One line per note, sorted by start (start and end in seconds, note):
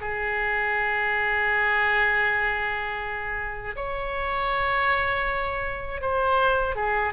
0.00 3.75 G#4
3.76 6.01 C#5
6.01 6.75 C5
6.75 7.12 G#4